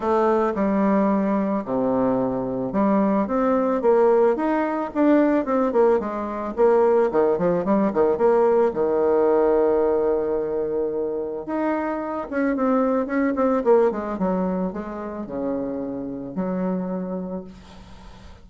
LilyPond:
\new Staff \with { instrumentName = "bassoon" } { \time 4/4 \tempo 4 = 110 a4 g2 c4~ | c4 g4 c'4 ais4 | dis'4 d'4 c'8 ais8 gis4 | ais4 dis8 f8 g8 dis8 ais4 |
dis1~ | dis4 dis'4. cis'8 c'4 | cis'8 c'8 ais8 gis8 fis4 gis4 | cis2 fis2 | }